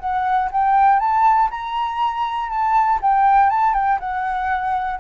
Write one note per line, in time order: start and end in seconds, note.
0.00 0.50 F#5
0.52 1.00 G5
1.00 1.50 A5
1.51 2.50 A#5
2.50 3.00 A5
3.02 3.50 G5
3.50 3.74 A5
3.74 3.99 G5
4.00 5.00 F#5